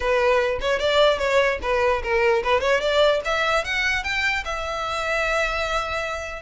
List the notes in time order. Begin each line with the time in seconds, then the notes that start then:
0.00 B4
0.60 C#5
0.79 D5
1.18 C#5
1.62 B4
2.02 A#4
2.43 B4
2.60 C#5
2.80 D5
3.25 E5
3.64 F#5
4.03 G5
4.44 E5